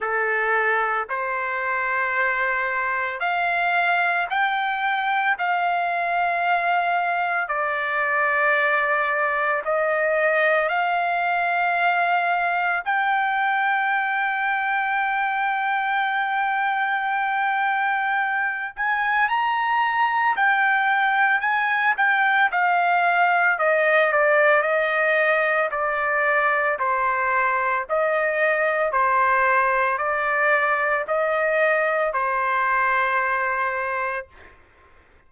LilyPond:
\new Staff \with { instrumentName = "trumpet" } { \time 4/4 \tempo 4 = 56 a'4 c''2 f''4 | g''4 f''2 d''4~ | d''4 dis''4 f''2 | g''1~ |
g''4. gis''8 ais''4 g''4 | gis''8 g''8 f''4 dis''8 d''8 dis''4 | d''4 c''4 dis''4 c''4 | d''4 dis''4 c''2 | }